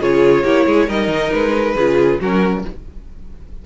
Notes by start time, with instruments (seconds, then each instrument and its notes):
0.00 cello C#3, viola F4, violin G#4 C#5
0.43 cello A#3, viola E4, violin G4
0.66 cello G#3, violin G#4
0.87 cello G3, viola D#4, violin A#4 D#5
1.08 cello D#3
1.32 cello G#3, violin B4
1.75 cello C#3, viola F4, violin G#4
2.21 cello F#3, viola C#4, violin F#4 A#4